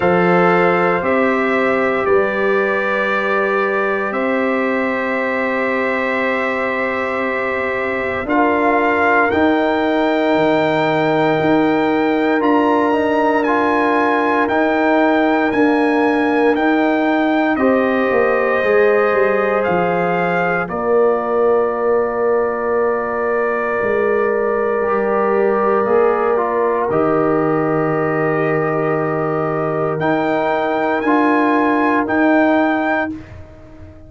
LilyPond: <<
  \new Staff \with { instrumentName = "trumpet" } { \time 4/4 \tempo 4 = 58 f''4 e''4 d''2 | e''1 | f''4 g''2. | ais''4 gis''4 g''4 gis''4 |
g''4 dis''2 f''4 | d''1~ | d''2 dis''2~ | dis''4 g''4 gis''4 g''4 | }
  \new Staff \with { instrumentName = "horn" } { \time 4/4 c''2 b'2 | c''1 | ais'1~ | ais'1~ |
ais'4 c''2. | ais'1~ | ais'1~ | ais'1 | }
  \new Staff \with { instrumentName = "trombone" } { \time 4/4 a'4 g'2.~ | g'1 | f'4 dis'2. | f'8 dis'8 f'4 dis'4 ais4 |
dis'4 g'4 gis'2 | f'1 | g'4 gis'8 f'8 g'2~ | g'4 dis'4 f'4 dis'4 | }
  \new Staff \with { instrumentName = "tuba" } { \time 4/4 f4 c'4 g2 | c'1 | d'4 dis'4 dis4 dis'4 | d'2 dis'4 d'4 |
dis'4 c'8 ais8 gis8 g8 f4 | ais2. gis4 | g4 ais4 dis2~ | dis4 dis'4 d'4 dis'4 | }
>>